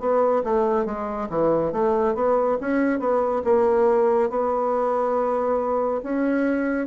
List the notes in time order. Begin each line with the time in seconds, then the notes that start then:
0.00 B3
0.44 A3
0.85 G#3
1.29 E3
1.72 A3
2.15 B3
2.60 C#4
2.99 B3
3.44 A#3
4.30 B3
6.03 C#4